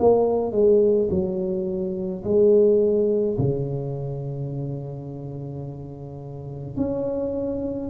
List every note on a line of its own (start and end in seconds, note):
0.00 0.52 A#3
0.52 1.09 G#3
1.11 2.24 F#3
2.24 3.38 G#3
3.39 6.77 C#3
6.77 7.90 C#4